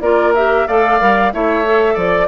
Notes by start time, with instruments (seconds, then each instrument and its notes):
0.00 bassoon A#3, clarinet F4, oboe A#4, flute D5
0.34 clarinet G4, flute E5
0.67 bassoon A3, clarinet A4, oboe D5, flute F5
0.99 bassoon G3, clarinet A#4
1.32 bassoon A3, clarinet E4, oboe C#5, flute E5
1.64 clarinet A4
1.93 bassoon F3, oboe D5, flute D5